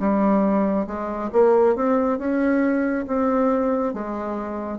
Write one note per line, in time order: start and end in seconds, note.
0.00 0.87 G3
0.87 1.31 G#3
1.33 1.76 A#3
1.76 2.19 C4
2.19 3.06 C#4
3.08 3.94 C4
3.94 4.79 G#3